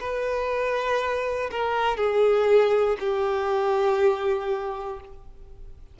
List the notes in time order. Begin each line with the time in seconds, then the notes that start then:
0.00 B4
1.50 A#4
1.97 G#4
2.99 G4